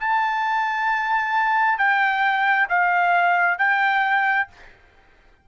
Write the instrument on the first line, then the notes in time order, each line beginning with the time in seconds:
trumpet
0.00 A5
1.78 G5
2.69 F5
3.58 G5